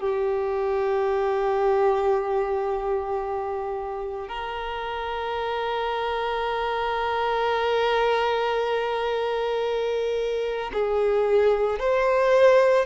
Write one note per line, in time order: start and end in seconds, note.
0.00 4.29 G4
4.29 10.71 A#4
10.73 11.79 G#4
11.79 12.86 C5